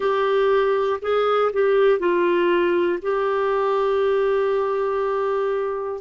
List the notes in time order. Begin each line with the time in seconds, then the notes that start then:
0.00 G4
1.01 G#4
1.52 G4
1.99 F4
3.01 G4